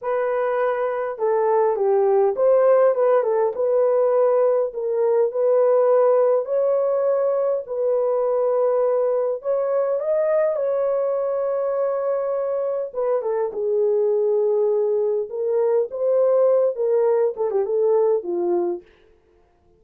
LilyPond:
\new Staff \with { instrumentName = "horn" } { \time 4/4 \tempo 4 = 102 b'2 a'4 g'4 | c''4 b'8 a'8 b'2 | ais'4 b'2 cis''4~ | cis''4 b'2. |
cis''4 dis''4 cis''2~ | cis''2 b'8 a'8 gis'4~ | gis'2 ais'4 c''4~ | c''8 ais'4 a'16 g'16 a'4 f'4 | }